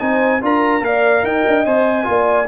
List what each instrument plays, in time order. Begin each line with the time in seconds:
0.00 tuba C4, trombone D#4, horn C5, trumpet G#5
0.42 tuba D4, trombone F4, horn A#4, trumpet A#5
0.81 tuba A#3, trombone A#4, horn D5, trumpet F5
1.23 tuba D#4, horn D#5, trumpet G5
1.48 tuba D4
1.66 tuba C4, trombone C5, trumpet G#5
2.04 tuba A#3, trombone F4
2.10 horn D5